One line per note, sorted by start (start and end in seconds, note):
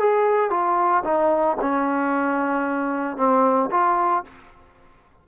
0.00 0.51 G#4
0.51 1.04 F4
1.05 1.58 D#4
1.61 3.17 C#4
3.17 3.70 C4
3.71 4.24 F4